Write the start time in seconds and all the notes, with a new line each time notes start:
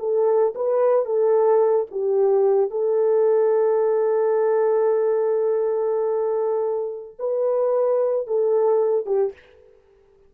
0.00 A4
0.56 B4
1.06 A4
1.91 G4
2.71 A4
7.20 B4
8.27 A4
9.06 G4